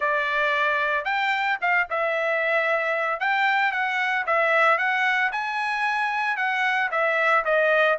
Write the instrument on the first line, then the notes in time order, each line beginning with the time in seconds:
trumpet
0.00 D5
1.05 G5
1.61 F5
1.89 E5
3.20 G5
3.72 F#5
4.26 E5
4.78 F#5
5.31 G#5
6.36 F#5
6.91 E5
7.45 D#5